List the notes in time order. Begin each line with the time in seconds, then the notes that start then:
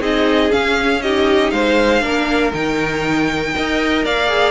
0.00 C4 D#4 G#4 D#5
0.51 C#4 F5
1.02 D#4 G4 D#5
1.50 G#3 C5 F5
2.01 A#3 D4 A#4
2.53 D#3 D#4 G5
3.54 D#4 A#4 D#5
4.05 A#3 D5 F5
4.28 G#4